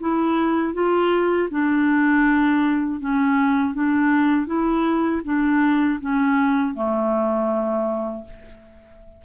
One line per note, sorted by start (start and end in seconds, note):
0.00 0.74 E4
0.74 1.49 F4
1.51 3.00 D4
3.00 3.74 C#4
3.74 4.47 D4
4.47 5.22 E4
5.25 6.00 D4
6.01 6.75 C#4
6.75 8.25 A3